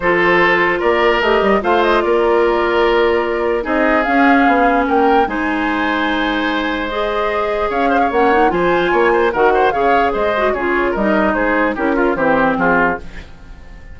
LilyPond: <<
  \new Staff \with { instrumentName = "flute" } { \time 4/4 \tempo 4 = 148 c''2 d''4 dis''4 | f''8 dis''8 d''2.~ | d''4 dis''4 f''2 | g''4 gis''2.~ |
gis''4 dis''2 f''4 | fis''4 gis''2 fis''4 | f''4 dis''4 cis''4 dis''4 | c''4 ais'4 c''4 gis'4 | }
  \new Staff \with { instrumentName = "oboe" } { \time 4/4 a'2 ais'2 | c''4 ais'2.~ | ais'4 gis'2. | ais'4 c''2.~ |
c''2. cis''8 c''16 cis''16~ | cis''4 c''4 cis''8 c''8 ais'8 c''8 | cis''4 c''4 gis'4 ais'4 | gis'4 g'8 f'8 g'4 f'4 | }
  \new Staff \with { instrumentName = "clarinet" } { \time 4/4 f'2. g'4 | f'1~ | f'4 dis'4 cis'2~ | cis'4 dis'2.~ |
dis'4 gis'2. | cis'8 dis'8 f'2 fis'4 | gis'4. fis'8 f'4 dis'4~ | dis'4 e'8 f'8 c'2 | }
  \new Staff \with { instrumentName = "bassoon" } { \time 4/4 f2 ais4 a8 g8 | a4 ais2.~ | ais4 c'4 cis'4 b4 | ais4 gis2.~ |
gis2. cis'4 | ais4 f4 ais4 dis4 | cis4 gis4 cis4 g4 | gis4 cis'4 e4 f4 | }
>>